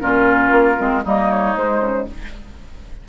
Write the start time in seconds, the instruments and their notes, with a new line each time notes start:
0.00 bassoon A#2, clarinet C#4, oboe F4, flute A#4
0.52 bassoon A#3
0.77 bassoon G#3, clarinet C4
1.04 bassoon G3, clarinet A#3, oboe D#4, flute D#5
1.31 flute C#5
1.56 bassoon G#3, clarinet G#3, flute C5
1.80 bassoon C#3